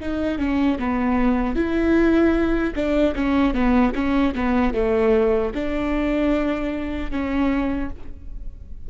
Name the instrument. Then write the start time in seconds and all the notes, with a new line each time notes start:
viola
0.00 D#4
0.38 C#4
0.79 B3
1.55 E4
2.75 D4
3.15 C#4
3.54 B3
3.95 C#4
4.35 B3
4.74 A3
5.54 D4
7.11 C#4